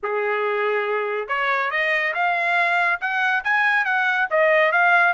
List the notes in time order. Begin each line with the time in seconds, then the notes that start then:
0.03 G#4
1.28 C#5
1.70 D#5
2.14 F5
3.00 F#5
3.44 G#5
3.85 F#5
4.30 D#5
4.71 F5